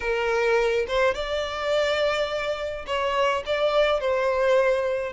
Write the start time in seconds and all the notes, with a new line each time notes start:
0.00 A#4
0.87 C5
1.14 D5
2.86 C#5
3.45 D5
4.00 C5